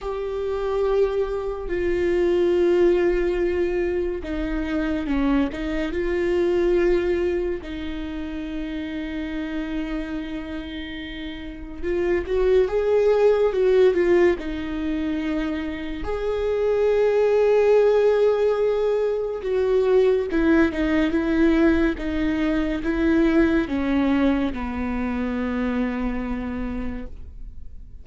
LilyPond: \new Staff \with { instrumentName = "viola" } { \time 4/4 \tempo 4 = 71 g'2 f'2~ | f'4 dis'4 cis'8 dis'8 f'4~ | f'4 dis'2.~ | dis'2 f'8 fis'8 gis'4 |
fis'8 f'8 dis'2 gis'4~ | gis'2. fis'4 | e'8 dis'8 e'4 dis'4 e'4 | cis'4 b2. | }